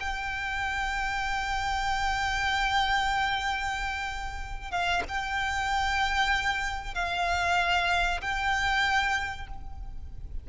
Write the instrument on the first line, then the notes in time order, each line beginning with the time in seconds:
violin
0.00 G5
4.71 F5
5.08 G5
6.94 F5
8.21 G5